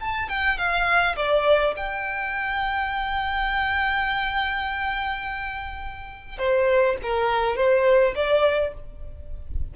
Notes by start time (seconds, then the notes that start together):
0.00 A5
0.29 G5
0.57 F5
1.16 D5
1.76 G5
6.38 C5
7.02 A#4
7.56 C5
8.15 D5